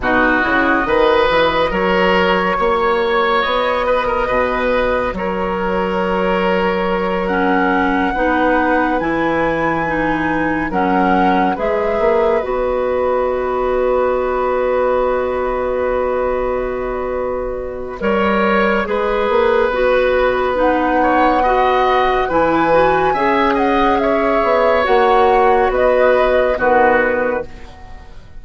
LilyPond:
<<
  \new Staff \with { instrumentName = "flute" } { \time 4/4 \tempo 4 = 70 dis''2 cis''2 | dis''2 cis''2~ | cis''8 fis''2 gis''4.~ | gis''8 fis''4 e''4 dis''4.~ |
dis''1~ | dis''1 | fis''2 gis''4. fis''8 | e''4 fis''4 dis''4 b'4 | }
  \new Staff \with { instrumentName = "oboe" } { \time 4/4 fis'4 b'4 ais'4 cis''4~ | cis''8 b'16 ais'16 b'4 ais'2~ | ais'4. b'2~ b'8~ | b'8 ais'4 b'2~ b'8~ |
b'1~ | b'4 cis''4 b'2~ | b'8 cis''8 dis''4 b'4 e''8 dis''8 | cis''2 b'4 fis'4 | }
  \new Staff \with { instrumentName = "clarinet" } { \time 4/4 dis'8 e'8 fis'2.~ | fis'1~ | fis'8 cis'4 dis'4 e'4 dis'8~ | dis'8 cis'4 gis'4 fis'4.~ |
fis'1~ | fis'4 ais'4 gis'4 fis'4 | dis'4 fis'4 e'8 fis'8 gis'4~ | gis'4 fis'2 b4 | }
  \new Staff \with { instrumentName = "bassoon" } { \time 4/4 b,8 cis8 dis8 e8 fis4 ais4 | b4 b,4 fis2~ | fis4. b4 e4.~ | e8 fis4 gis8 ais8 b4.~ |
b1~ | b4 g4 gis8 ais8 b4~ | b2 e4 cis'4~ | cis'8 b8 ais4 b4 dis4 | }
>>